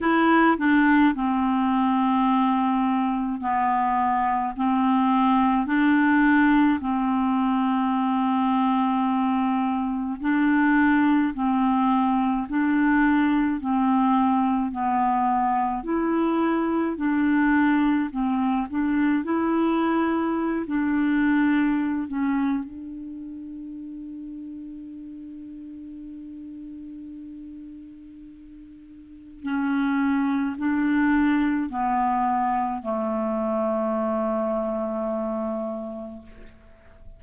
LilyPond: \new Staff \with { instrumentName = "clarinet" } { \time 4/4 \tempo 4 = 53 e'8 d'8 c'2 b4 | c'4 d'4 c'2~ | c'4 d'4 c'4 d'4 | c'4 b4 e'4 d'4 |
c'8 d'8 e'4~ e'16 d'4~ d'16 cis'8 | d'1~ | d'2 cis'4 d'4 | b4 a2. | }